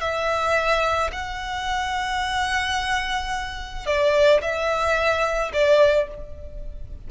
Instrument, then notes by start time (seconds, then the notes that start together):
violin
0.00 E5
1.12 F#5
3.86 D5
4.41 E5
5.52 D5